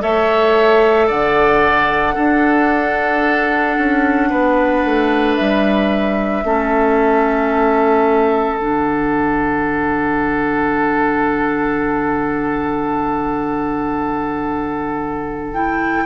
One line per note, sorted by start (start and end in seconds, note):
0.00 1.09 A3
0.00 2.14 A4
0.00 1.07 C#5
0.00 1.09 E5
1.07 2.17 D3
1.07 2.14 D5
1.07 5.36 F#5
2.15 6.43 D4
2.15 3.78 D4
2.15 4.29 A4
3.78 4.31 C#4
4.30 4.85 B3
4.30 6.44 B4
4.85 5.38 A3
5.36 6.44 G3
5.36 8.57 E5
6.44 8.58 A3
6.44 8.58 C#4
6.44 16.06 A4
8.57 16.06 D3
8.57 15.54 D4
8.57 15.53 F#5
15.53 16.06 E4
15.53 16.06 G5